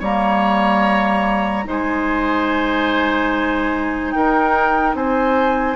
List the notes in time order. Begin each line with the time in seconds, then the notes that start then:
0.00 G3 A#3 C#5 A#5
1.65 G#3 D#4 C5
1.71 G#5
4.12 D#4 A#4 G5
4.95 C4 C5 G#5